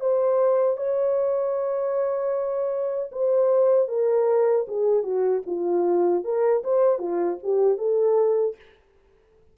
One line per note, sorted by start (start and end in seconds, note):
0.00 0.77 C5
0.77 3.11 C#5
3.12 3.88 C5
3.88 4.66 A#4
4.68 5.03 G#4
5.03 5.42 F#4
5.46 6.24 F4
6.24 6.63 A#4
6.64 6.99 C5
6.99 7.38 F4
7.43 7.77 G4
7.77 8.55 A4